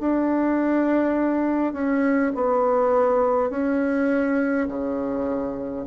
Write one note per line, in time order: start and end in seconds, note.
0.00 1.73 D4
1.73 2.32 C#4
2.35 3.50 B3
3.50 4.67 C#4
4.68 5.86 C#3